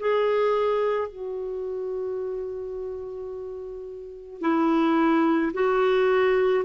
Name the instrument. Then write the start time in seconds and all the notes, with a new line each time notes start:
clarinet
0.00 G#4
1.09 F#4
4.41 E4
5.54 F#4